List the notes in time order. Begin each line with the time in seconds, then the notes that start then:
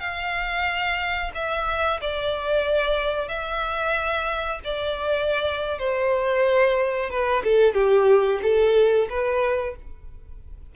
0.00 F5
1.35 E5
2.01 D5
3.28 E5
4.65 D5
5.79 C5
7.11 B4
7.44 A4
7.74 G4
8.43 A4
9.10 B4